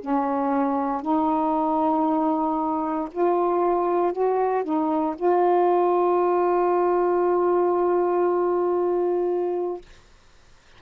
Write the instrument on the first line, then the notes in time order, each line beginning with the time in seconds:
saxophone
0.00 C#4
1.02 D#4
3.11 F4
4.12 F#4
4.63 D#4
5.16 F4